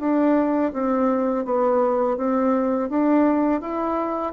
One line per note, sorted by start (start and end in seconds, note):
0.00 0.72 D4
0.73 1.45 C4
1.45 2.17 B3
2.17 2.89 C4
2.89 3.61 D4
3.61 4.33 E4